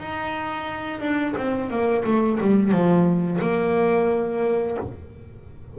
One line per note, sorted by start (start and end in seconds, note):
0.00 1.00 D#4
1.00 1.35 D4
1.37 1.71 C4
1.71 2.05 A#3
2.05 2.39 A3
2.41 2.72 G3
2.72 3.40 F3
3.42 4.78 A#3